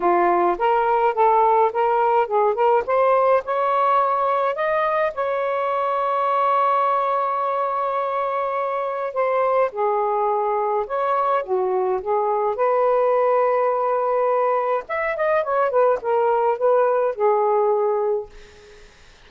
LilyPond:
\new Staff \with { instrumentName = "saxophone" } { \time 4/4 \tempo 4 = 105 f'4 ais'4 a'4 ais'4 | gis'8 ais'8 c''4 cis''2 | dis''4 cis''2.~ | cis''1 |
c''4 gis'2 cis''4 | fis'4 gis'4 b'2~ | b'2 e''8 dis''8 cis''8 b'8 | ais'4 b'4 gis'2 | }